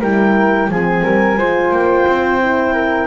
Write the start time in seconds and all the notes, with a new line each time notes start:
0.00 G3 E4 A#4 G5
0.70 F3 C4 G#4 G#5
1.03 G3 A#4
1.38 G#3 F4 C5
1.72 A#3 G5
2.06 C4
2.41 E4
2.74 A#4